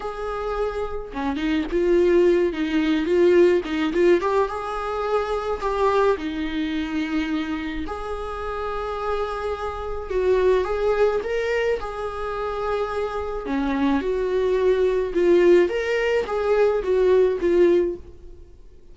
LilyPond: \new Staff \with { instrumentName = "viola" } { \time 4/4 \tempo 4 = 107 gis'2 cis'8 dis'8 f'4~ | f'8 dis'4 f'4 dis'8 f'8 g'8 | gis'2 g'4 dis'4~ | dis'2 gis'2~ |
gis'2 fis'4 gis'4 | ais'4 gis'2. | cis'4 fis'2 f'4 | ais'4 gis'4 fis'4 f'4 | }